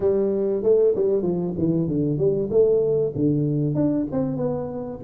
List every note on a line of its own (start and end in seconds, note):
0.00 0.62 G3
0.63 0.94 A3
0.95 1.22 G3
1.22 1.53 F3
1.57 1.87 E3
1.87 2.17 D3
2.17 2.49 G3
2.50 3.12 A3
3.15 3.74 D3
3.74 4.06 D4
4.11 4.37 C4
4.37 4.99 B3